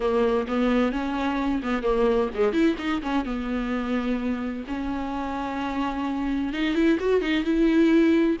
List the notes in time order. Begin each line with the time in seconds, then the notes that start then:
0.00 A#3
0.47 B3
0.92 C#4
1.63 B3
1.83 A#3
2.34 G#3
2.52 E4
2.78 D#4
3.02 C#4
3.25 B3
4.67 C#4
6.53 D#4
6.74 E4
6.99 F#4
7.21 D#4
7.43 E4